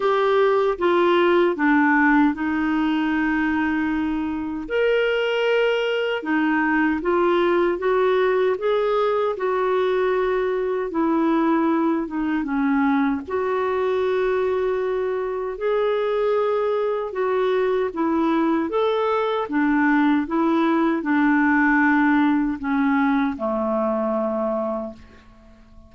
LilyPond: \new Staff \with { instrumentName = "clarinet" } { \time 4/4 \tempo 4 = 77 g'4 f'4 d'4 dis'4~ | dis'2 ais'2 | dis'4 f'4 fis'4 gis'4 | fis'2 e'4. dis'8 |
cis'4 fis'2. | gis'2 fis'4 e'4 | a'4 d'4 e'4 d'4~ | d'4 cis'4 a2 | }